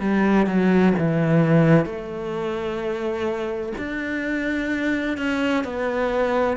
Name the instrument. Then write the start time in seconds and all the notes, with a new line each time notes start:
cello
0.00 G3
0.46 F#3
0.98 E3
1.85 A3
3.78 D4
5.17 C#4
5.64 B3